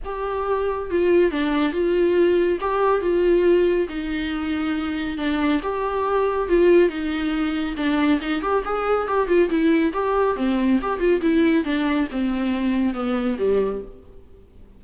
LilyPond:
\new Staff \with { instrumentName = "viola" } { \time 4/4 \tempo 4 = 139 g'2 f'4 d'4 | f'2 g'4 f'4~ | f'4 dis'2. | d'4 g'2 f'4 |
dis'2 d'4 dis'8 g'8 | gis'4 g'8 f'8 e'4 g'4 | c'4 g'8 f'8 e'4 d'4 | c'2 b4 g4 | }